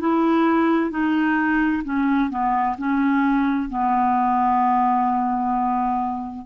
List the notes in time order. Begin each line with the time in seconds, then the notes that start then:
0.00 E4
0.90 D#4
1.83 C#4
2.30 B3
2.77 C#4
3.69 B3